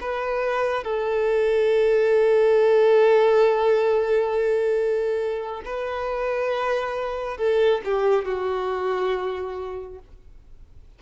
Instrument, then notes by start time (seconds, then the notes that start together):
violin
0.00 B4
0.83 A4
5.64 B4
7.37 A4
7.84 G4
8.25 F#4